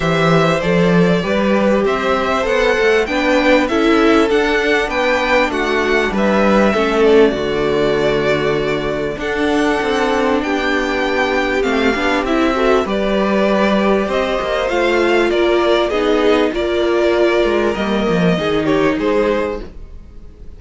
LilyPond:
<<
  \new Staff \with { instrumentName = "violin" } { \time 4/4 \tempo 4 = 98 e''4 d''2 e''4 | fis''4 g''4 e''4 fis''4 | g''4 fis''4 e''4. d''8~ | d''2. fis''4~ |
fis''4 g''2 f''4 | e''4 d''2 dis''4 | f''4 d''4 dis''4 d''4~ | d''4 dis''4. cis''8 c''4 | }
  \new Staff \with { instrumentName = "violin" } { \time 4/4 c''2 b'4 c''4~ | c''4 b'4 a'2 | b'4 fis'4 b'4 a'4 | fis'2. a'4~ |
a'4 g'2.~ | g'8 a'8 b'2 c''4~ | c''4 ais'4 gis'4 ais'4~ | ais'2 gis'8 g'8 gis'4 | }
  \new Staff \with { instrumentName = "viola" } { \time 4/4 g'4 a'4 g'2 | a'4 d'4 e'4 d'4~ | d'2. cis'4 | a2. d'4~ |
d'2. c'8 d'8 | e'8 fis'8 g'2. | f'2 dis'4 f'4~ | f'4 ais4 dis'2 | }
  \new Staff \with { instrumentName = "cello" } { \time 4/4 e4 f4 g4 c'4 | b8 a8 b4 cis'4 d'4 | b4 a4 g4 a4 | d2. d'4 |
c'4 b2 a8 b8 | c'4 g2 c'8 ais8 | a4 ais4 b4 ais4~ | ais8 gis8 g8 f8 dis4 gis4 | }
>>